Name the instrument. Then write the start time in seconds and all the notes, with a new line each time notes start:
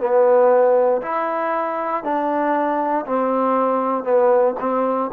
trombone
0.00 B3
1.02 E4
2.04 D4
3.06 C4
4.04 B3
4.60 C4